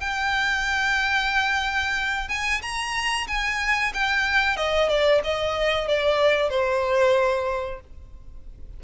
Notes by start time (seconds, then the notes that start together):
0.00 G5
2.29 G#5
2.62 A#5
3.27 G#5
3.94 G5
4.56 D#5
4.89 D5
5.24 D#5
5.88 D5
6.50 C5